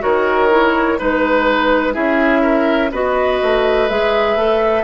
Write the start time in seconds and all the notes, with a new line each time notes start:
0.00 D#3 F#4 A#4 C#5
0.50 E4
0.98 G#3 D#4 B4
1.93 C#4 E4 G#4 E5
2.41 A#4
2.91 B3 F#4 B4 D#5
3.42 A3
3.89 G#3 G#4 E5
4.35 A3 A4